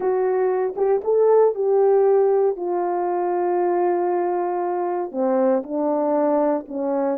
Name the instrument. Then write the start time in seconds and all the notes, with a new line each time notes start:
horn
0.00 F#4
0.76 G4
1.04 A4
1.54 G4
2.56 F4
5.11 C4
5.63 D4
6.68 C#4